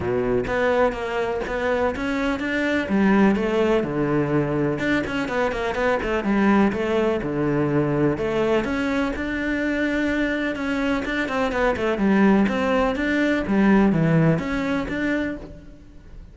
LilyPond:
\new Staff \with { instrumentName = "cello" } { \time 4/4 \tempo 4 = 125 b,4 b4 ais4 b4 | cis'4 d'4 g4 a4 | d2 d'8 cis'8 b8 ais8 | b8 a8 g4 a4 d4~ |
d4 a4 cis'4 d'4~ | d'2 cis'4 d'8 c'8 | b8 a8 g4 c'4 d'4 | g4 e4 cis'4 d'4 | }